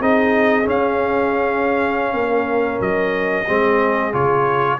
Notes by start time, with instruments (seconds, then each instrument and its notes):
0.00 tuba C4, trombone D#4, horn G#4, trumpet D#5
0.64 trombone C#4, tuba C#4, trumpet F5
2.14 tuba A#3, horn A#4
2.80 tuba F#3, trumpet D#5
3.46 tuba G#3, trombone C4, horn G#4
4.12 tuba C#3, trombone F4, trumpet C#5